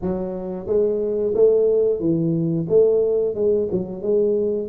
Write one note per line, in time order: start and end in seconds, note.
0.01 0.67 F#3
0.67 1.33 G#3
1.34 2.00 A3
2.00 2.66 E3
2.68 3.34 A3
3.34 3.68 G#3
3.71 4.02 F#3
4.02 4.68 G#3